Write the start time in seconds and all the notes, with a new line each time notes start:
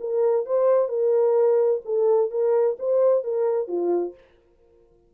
0.00 A#4
0.45 C5
0.88 A#4
1.85 A4
2.30 A#4
2.78 C5
3.23 A#4
3.68 F4